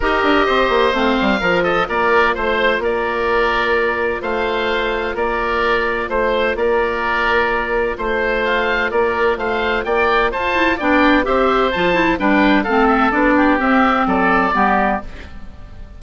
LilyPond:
<<
  \new Staff \with { instrumentName = "oboe" } { \time 4/4 \tempo 4 = 128 dis''2 f''4. dis''8 | d''4 c''4 d''2~ | d''4 f''2 d''4~ | d''4 c''4 d''2~ |
d''4 c''4 f''4 d''4 | f''4 g''4 a''4 g''4 | e''4 a''4 g''4 f''8 e''8 | d''4 e''4 d''2 | }
  \new Staff \with { instrumentName = "oboe" } { \time 4/4 ais'4 c''2 ais'8 a'8 | ais'4 c''4 ais'2~ | ais'4 c''2 ais'4~ | ais'4 c''4 ais'2~ |
ais'4 c''2 ais'4 | c''4 d''4 c''4 d''4 | c''2 b'4 a'4~ | a'8 g'4. a'4 g'4 | }
  \new Staff \with { instrumentName = "clarinet" } { \time 4/4 g'2 c'4 f'4~ | f'1~ | f'1~ | f'1~ |
f'1~ | f'2~ f'8 e'8 d'4 | g'4 f'8 e'8 d'4 c'4 | d'4 c'2 b4 | }
  \new Staff \with { instrumentName = "bassoon" } { \time 4/4 dis'8 d'8 c'8 ais8 a8 g8 f4 | ais4 a4 ais2~ | ais4 a2 ais4~ | ais4 a4 ais2~ |
ais4 a2 ais4 | a4 ais4 f'4 b4 | c'4 f4 g4 a4 | b4 c'4 fis4 g4 | }
>>